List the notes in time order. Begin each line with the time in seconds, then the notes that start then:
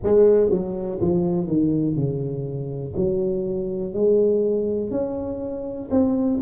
0.03 G#3
0.50 F#3
1.00 F3
1.47 D#3
1.94 C#3
2.96 F#3
3.93 G#3
4.90 C#4
5.90 C4